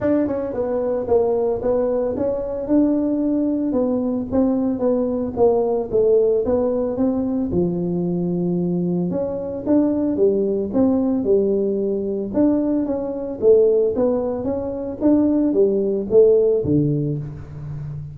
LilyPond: \new Staff \with { instrumentName = "tuba" } { \time 4/4 \tempo 4 = 112 d'8 cis'8 b4 ais4 b4 | cis'4 d'2 b4 | c'4 b4 ais4 a4 | b4 c'4 f2~ |
f4 cis'4 d'4 g4 | c'4 g2 d'4 | cis'4 a4 b4 cis'4 | d'4 g4 a4 d4 | }